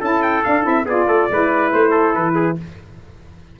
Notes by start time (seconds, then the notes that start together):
0.00 C#4 E4 A4 A5
0.22 G5
0.44 D4 F5
0.63 C4 E4 E5
0.85 B3 F4 G#4 D5
1.07 A3 A4
1.30 G#3 E4 B4
1.73 A3 C5
1.91 A4
2.15 E3 B4
2.35 G#4